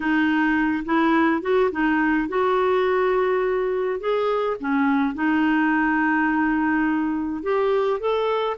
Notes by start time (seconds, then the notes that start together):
0.00 D#4
0.85 E4
1.41 F#4
1.71 D#4
2.28 F#4
3.99 G#4
4.60 C#4
5.14 D#4
7.43 G4
7.99 A4